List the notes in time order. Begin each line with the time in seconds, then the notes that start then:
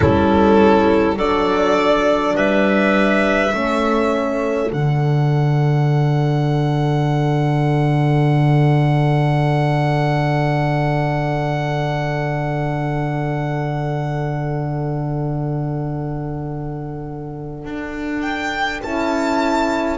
0.00 G3 C#4 E4 A4
1.16 F#3 D4 A4 D5
2.35 G3 B4 E5
3.51 A3 C#4 A4
4.72 D3 D4 F#5
17.64 D4
18.21 G5
18.83 C#4 E4 A5